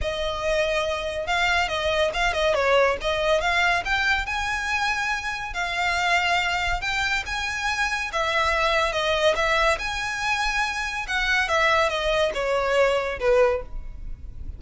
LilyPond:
\new Staff \with { instrumentName = "violin" } { \time 4/4 \tempo 4 = 141 dis''2. f''4 | dis''4 f''8 dis''8 cis''4 dis''4 | f''4 g''4 gis''2~ | gis''4 f''2. |
g''4 gis''2 e''4~ | e''4 dis''4 e''4 gis''4~ | gis''2 fis''4 e''4 | dis''4 cis''2 b'4 | }